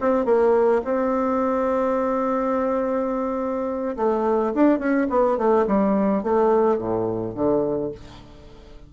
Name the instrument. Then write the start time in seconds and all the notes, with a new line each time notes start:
bassoon
0.00 C4
0.25 A#3
0.84 C4
3.96 A3
4.54 D4
4.79 C#4
5.09 B3
5.37 A3
5.67 G3
6.23 A3
6.78 A2
7.35 D3